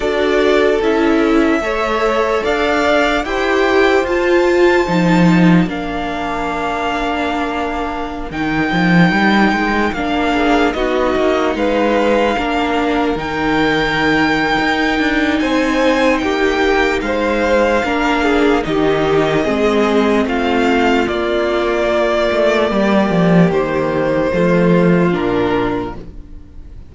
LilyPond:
<<
  \new Staff \with { instrumentName = "violin" } { \time 4/4 \tempo 4 = 74 d''4 e''2 f''4 | g''4 a''2 f''4~ | f''2~ f''16 g''4.~ g''16~ | g''16 f''4 dis''4 f''4.~ f''16~ |
f''16 g''2~ g''8. gis''4 | g''4 f''2 dis''4~ | dis''4 f''4 d''2~ | d''4 c''2 ais'4 | }
  \new Staff \with { instrumentName = "violin" } { \time 4/4 a'2 cis''4 d''4 | c''2. ais'4~ | ais'1~ | ais'8. gis'8 fis'4 b'4 ais'8.~ |
ais'2. c''4 | g'4 c''4 ais'8 gis'8 g'4 | gis'4 f'2. | g'2 f'2 | }
  \new Staff \with { instrumentName = "viola" } { \time 4/4 fis'4 e'4 a'2 | g'4 f'4 dis'4 d'4~ | d'2~ d'16 dis'4.~ dis'16~ | dis'16 d'4 dis'2 d'8.~ |
d'16 dis'2.~ dis'8.~ | dis'2 d'4 dis'4 | c'2 ais2~ | ais2 a4 d'4 | }
  \new Staff \with { instrumentName = "cello" } { \time 4/4 d'4 cis'4 a4 d'4 | e'4 f'4 f4 ais4~ | ais2~ ais16 dis8 f8 g8 gis16~ | gis16 ais4 b8 ais8 gis4 ais8.~ |
ais16 dis4.~ dis16 dis'8 d'8 c'4 | ais4 gis4 ais4 dis4 | gis4 a4 ais4. a8 | g8 f8 dis4 f4 ais,4 | }
>>